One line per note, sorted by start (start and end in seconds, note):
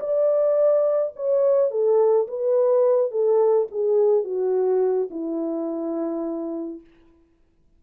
0.00 1.13 D5
1.16 1.71 C#5
1.71 2.27 A4
2.28 3.11 B4
3.11 3.68 A4
3.71 4.24 G#4
4.24 5.09 F#4
5.10 6.80 E4